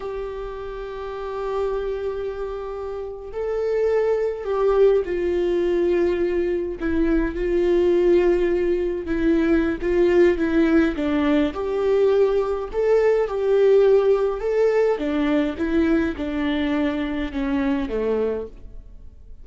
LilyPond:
\new Staff \with { instrumentName = "viola" } { \time 4/4 \tempo 4 = 104 g'1~ | g'4.~ g'16 a'2 g'16~ | g'8. f'2. e'16~ | e'8. f'2. e'16~ |
e'4 f'4 e'4 d'4 | g'2 a'4 g'4~ | g'4 a'4 d'4 e'4 | d'2 cis'4 a4 | }